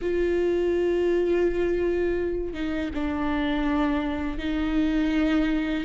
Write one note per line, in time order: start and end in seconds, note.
0.01 2.53 F4
2.53 2.90 D#4
2.94 4.38 D4
4.38 5.84 D#4